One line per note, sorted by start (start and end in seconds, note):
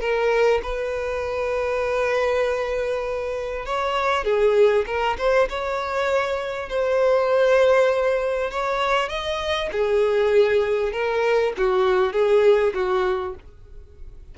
0.00 0.61 A#4
0.63 3.65 B4
3.65 4.24 C#5
4.24 4.85 G#4
4.86 5.17 A#4
5.18 5.48 C5
5.49 6.69 C#5
6.69 8.50 C5
8.50 9.09 C#5
9.09 9.69 D#5
9.72 10.92 G#4
10.92 11.53 A#4
11.57 12.12 F#4
12.12 12.73 G#4
12.74 13.34 F#4